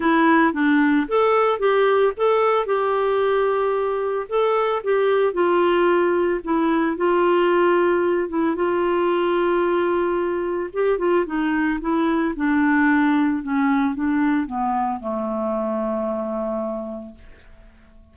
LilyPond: \new Staff \with { instrumentName = "clarinet" } { \time 4/4 \tempo 4 = 112 e'4 d'4 a'4 g'4 | a'4 g'2. | a'4 g'4 f'2 | e'4 f'2~ f'8 e'8 |
f'1 | g'8 f'8 dis'4 e'4 d'4~ | d'4 cis'4 d'4 b4 | a1 | }